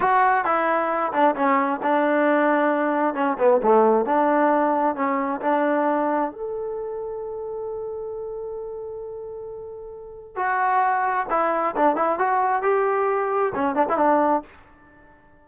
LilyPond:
\new Staff \with { instrumentName = "trombone" } { \time 4/4 \tempo 4 = 133 fis'4 e'4. d'8 cis'4 | d'2. cis'8 b8 | a4 d'2 cis'4 | d'2 a'2~ |
a'1~ | a'2. fis'4~ | fis'4 e'4 d'8 e'8 fis'4 | g'2 cis'8 d'16 e'16 d'4 | }